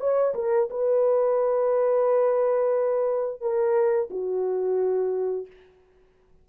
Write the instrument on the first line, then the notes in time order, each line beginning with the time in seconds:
horn
0.00 C#5
0.34 A#4
0.70 B4
3.41 A#4
4.10 F#4